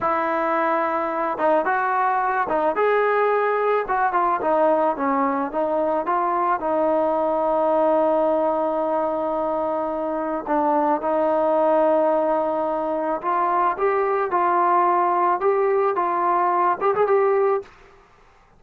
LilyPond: \new Staff \with { instrumentName = "trombone" } { \time 4/4 \tempo 4 = 109 e'2~ e'8 dis'8 fis'4~ | fis'8 dis'8 gis'2 fis'8 f'8 | dis'4 cis'4 dis'4 f'4 | dis'1~ |
dis'2. d'4 | dis'1 | f'4 g'4 f'2 | g'4 f'4. g'16 gis'16 g'4 | }